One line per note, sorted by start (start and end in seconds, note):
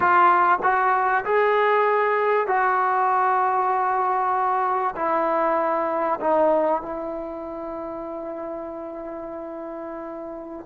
0.00 0.59 F4
0.62 1.24 F#4
1.25 2.47 G#4
2.47 4.94 F#4
4.95 6.19 E4
6.20 6.82 D#4
6.82 10.66 E4